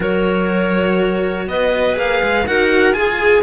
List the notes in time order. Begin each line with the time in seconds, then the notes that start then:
0.00 F#3 F#4 A#4 C#5
1.47 B3 B4 D#5
1.94 A#3 G#4 F5
2.23 G#3
2.46 D#4 F#4 A#4 F#5
2.92 F4 G#4 G#5